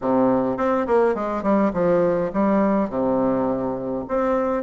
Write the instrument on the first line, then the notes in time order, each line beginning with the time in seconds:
bassoon
0.01 C3
0.57 C4
0.87 A#3
1.15 G#3
1.43 G3
1.73 F3
2.33 G3
2.89 C3
4.08 C4